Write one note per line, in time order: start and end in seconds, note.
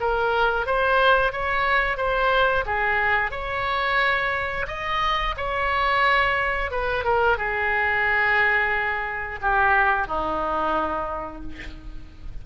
0.00 0.66 A#4
0.66 1.32 C5
1.32 1.97 C#5
1.97 2.64 C5
2.66 3.31 G#4
3.31 4.66 C#5
4.67 5.35 D#5
5.37 6.71 C#5
6.71 7.04 B4
7.04 7.37 A#4
7.37 9.40 G#4
9.41 10.08 G4
10.08 11.42 D#4